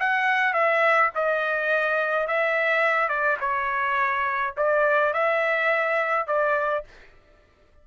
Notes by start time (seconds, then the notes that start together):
0.00 F#5
0.54 E5
1.15 D#5
2.28 E5
3.09 D5
3.40 C#5
4.57 D5
5.14 E5
6.27 D5